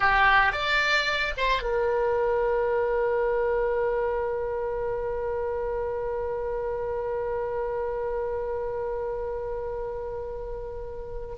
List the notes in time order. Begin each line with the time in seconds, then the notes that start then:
0.00 G4
0.52 D5
1.37 C5
1.62 A#4